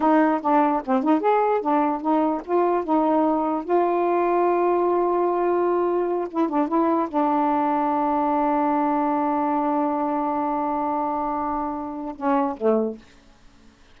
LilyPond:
\new Staff \with { instrumentName = "saxophone" } { \time 4/4 \tempo 4 = 148 dis'4 d'4 c'8 dis'8 gis'4 | d'4 dis'4 f'4 dis'4~ | dis'4 f'2.~ | f'2.~ f'8 e'8 |
d'8 e'4 d'2~ d'8~ | d'1~ | d'1~ | d'2 cis'4 a4 | }